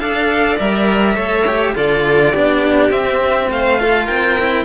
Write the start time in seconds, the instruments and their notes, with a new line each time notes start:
0.00 cello D4 A4, violin D5 F5
0.59 cello G3 A#4, violin E5
1.16 cello A3 A4, violin C#5
1.48 cello G4
1.75 cello D3 F4, violin A4 D5
2.32 cello B3 D4, violin G4
2.90 cello C4, violin E5
3.50 cello A3, violin C5 F5
3.80 cello F4, violin A4
4.06 cello C4, violin A#4 G5
4.40 cello E4